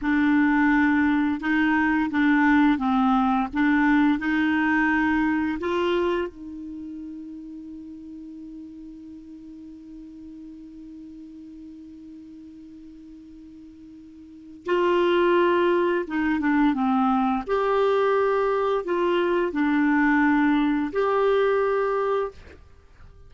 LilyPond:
\new Staff \with { instrumentName = "clarinet" } { \time 4/4 \tempo 4 = 86 d'2 dis'4 d'4 | c'4 d'4 dis'2 | f'4 dis'2.~ | dis'1~ |
dis'1~ | dis'4 f'2 dis'8 d'8 | c'4 g'2 f'4 | d'2 g'2 | }